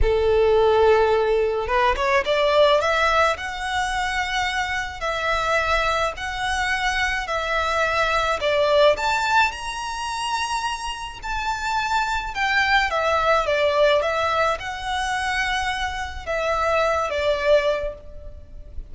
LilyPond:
\new Staff \with { instrumentName = "violin" } { \time 4/4 \tempo 4 = 107 a'2. b'8 cis''8 | d''4 e''4 fis''2~ | fis''4 e''2 fis''4~ | fis''4 e''2 d''4 |
a''4 ais''2. | a''2 g''4 e''4 | d''4 e''4 fis''2~ | fis''4 e''4. d''4. | }